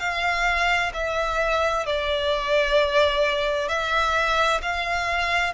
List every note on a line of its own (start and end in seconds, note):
0.00 0.92 F5
0.94 1.86 E5
1.86 3.69 D5
3.69 4.61 E5
4.62 5.54 F5